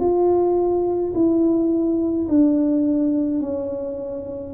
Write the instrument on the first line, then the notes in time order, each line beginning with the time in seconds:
tuba
0.00 F4
1.15 E4
2.29 D4
3.41 C#4